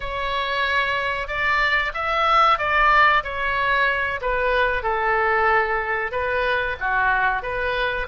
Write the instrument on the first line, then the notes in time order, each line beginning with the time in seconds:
oboe
0.00 C#5
1.27 D5
1.94 E5
2.58 D5
3.23 C#5
4.21 B4
4.82 A4
6.11 B4
6.79 F#4
7.42 B4